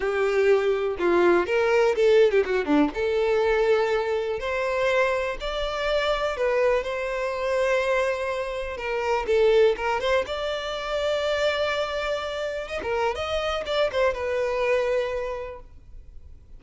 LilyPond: \new Staff \with { instrumentName = "violin" } { \time 4/4 \tempo 4 = 123 g'2 f'4 ais'4 | a'8. g'16 fis'8 d'8 a'2~ | a'4 c''2 d''4~ | d''4 b'4 c''2~ |
c''2 ais'4 a'4 | ais'8 c''8 d''2.~ | d''2 dis''16 ais'8. dis''4 | d''8 c''8 b'2. | }